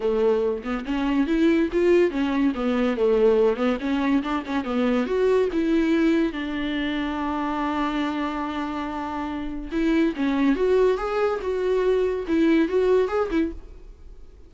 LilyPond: \new Staff \with { instrumentName = "viola" } { \time 4/4 \tempo 4 = 142 a4. b8 cis'4 e'4 | f'4 cis'4 b4 a4~ | a8 b8 cis'4 d'8 cis'8 b4 | fis'4 e'2 d'4~ |
d'1~ | d'2. e'4 | cis'4 fis'4 gis'4 fis'4~ | fis'4 e'4 fis'4 gis'8 e'8 | }